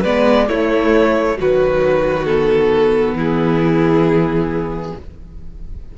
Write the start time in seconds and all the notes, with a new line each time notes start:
0.00 G#3 B3 B4 D5
0.47 A3 E4 C#5
1.37 D#3 F#3 F#4 B4
2.25 B3 A4
3.13 E3 E4 G#4